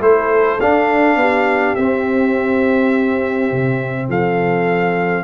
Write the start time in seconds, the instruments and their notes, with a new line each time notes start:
0.00 tuba A3, trombone E4, horn A4, trumpet C5
0.60 tuba D4, trombone D4, trumpet F5
1.16 tuba B3, horn G4
1.75 tuba C4, trombone C4, trumpet E5
3.51 tuba C3
4.08 tuba F3, horn A4, trumpet F5